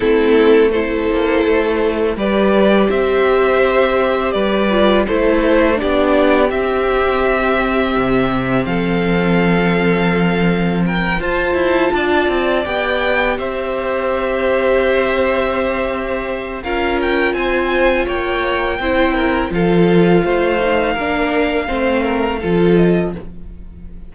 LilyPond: <<
  \new Staff \with { instrumentName = "violin" } { \time 4/4 \tempo 4 = 83 a'4 c''2 d''4 | e''2 d''4 c''4 | d''4 e''2. | f''2. g''8 a''8~ |
a''4. g''4 e''4.~ | e''2. f''8 g''8 | gis''4 g''2 f''4~ | f''2.~ f''8 dis''8 | }
  \new Staff \with { instrumentName = "violin" } { \time 4/4 e'4 a'2 b'4 | c''2 b'4 a'4 | g'1 | a'2. ais'8 c''8~ |
c''8 d''2 c''4.~ | c''2. ais'4 | c''4 cis''4 c''8 ais'8 a'4 | c''4 ais'4 c''8 ais'8 a'4 | }
  \new Staff \with { instrumentName = "viola" } { \time 4/4 c'4 e'2 g'4~ | g'2~ g'8 f'8 e'4 | d'4 c'2.~ | c'2.~ c'8 f'8~ |
f'4. g'2~ g'8~ | g'2. f'4~ | f'2 e'4 f'4~ | f'8 dis'8 d'4 c'4 f'4 | }
  \new Staff \with { instrumentName = "cello" } { \time 4/4 a4. ais8 a4 g4 | c'2 g4 a4 | b4 c'2 c4 | f2.~ f8 f'8 |
e'8 d'8 c'8 b4 c'4.~ | c'2. cis'4 | c'4 ais4 c'4 f4 | a4 ais4 a4 f4 | }
>>